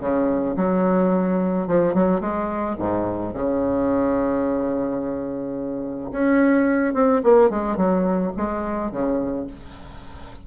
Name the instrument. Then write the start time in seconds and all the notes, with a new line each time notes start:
bassoon
0.00 C#3
0.56 F#3
1.67 F3
1.94 F#3
2.20 G#3
2.78 G#2
3.34 C#3
6.11 C#4
6.94 C4
7.23 A#3
7.49 G#3
7.76 F#3
8.37 G#3
8.91 C#3